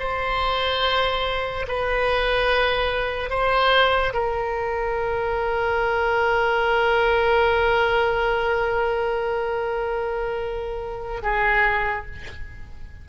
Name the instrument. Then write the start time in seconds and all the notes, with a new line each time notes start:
oboe
0.00 C5
1.68 B4
3.30 C5
4.14 A#4
11.23 G#4